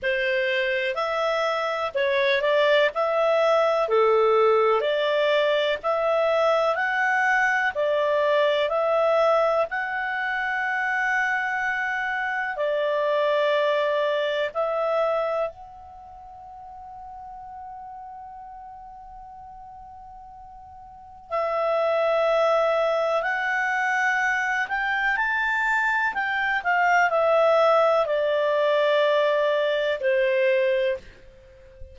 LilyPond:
\new Staff \with { instrumentName = "clarinet" } { \time 4/4 \tempo 4 = 62 c''4 e''4 cis''8 d''8 e''4 | a'4 d''4 e''4 fis''4 | d''4 e''4 fis''2~ | fis''4 d''2 e''4 |
fis''1~ | fis''2 e''2 | fis''4. g''8 a''4 g''8 f''8 | e''4 d''2 c''4 | }